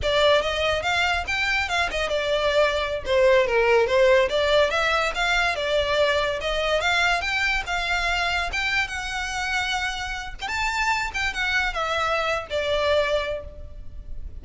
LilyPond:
\new Staff \with { instrumentName = "violin" } { \time 4/4 \tempo 4 = 143 d''4 dis''4 f''4 g''4 | f''8 dis''8 d''2~ d''16 c''8.~ | c''16 ais'4 c''4 d''4 e''8.~ | e''16 f''4 d''2 dis''8.~ |
dis''16 f''4 g''4 f''4.~ f''16~ | f''16 g''4 fis''2~ fis''8.~ | fis''8. g''16 a''4. g''8 fis''4 | e''4.~ e''16 d''2~ d''16 | }